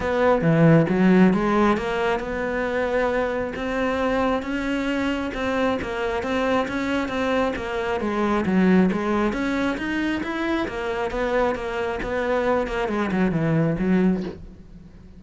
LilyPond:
\new Staff \with { instrumentName = "cello" } { \time 4/4 \tempo 4 = 135 b4 e4 fis4 gis4 | ais4 b2. | c'2 cis'2 | c'4 ais4 c'4 cis'4 |
c'4 ais4 gis4 fis4 | gis4 cis'4 dis'4 e'4 | ais4 b4 ais4 b4~ | b8 ais8 gis8 fis8 e4 fis4 | }